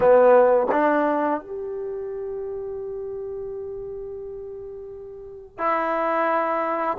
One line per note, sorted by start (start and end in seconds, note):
0.00 0.66 B3
0.71 1.40 D4
1.40 5.58 G4
5.58 6.97 E4